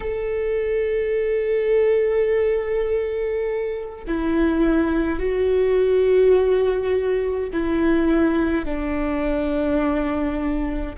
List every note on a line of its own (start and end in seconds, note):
0.00 4.04 A4
4.07 5.19 E4
5.19 7.49 F#4
7.53 8.65 E4
8.65 10.96 D4